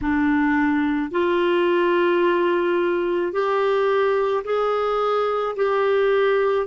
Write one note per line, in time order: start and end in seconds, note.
0.01 1.11 D4
1.11 3.32 F4
3.32 4.43 G4
4.44 5.55 G#4
5.56 6.66 G4